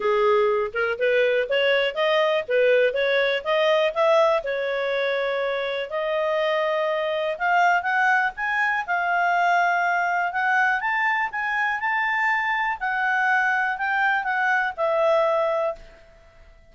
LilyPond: \new Staff \with { instrumentName = "clarinet" } { \time 4/4 \tempo 4 = 122 gis'4. ais'8 b'4 cis''4 | dis''4 b'4 cis''4 dis''4 | e''4 cis''2. | dis''2. f''4 |
fis''4 gis''4 f''2~ | f''4 fis''4 a''4 gis''4 | a''2 fis''2 | g''4 fis''4 e''2 | }